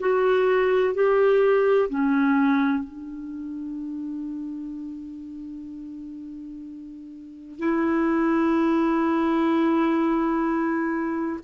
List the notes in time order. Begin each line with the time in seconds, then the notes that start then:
0.00 F#4
0.94 G4
1.90 C#4
2.84 D4
7.59 E4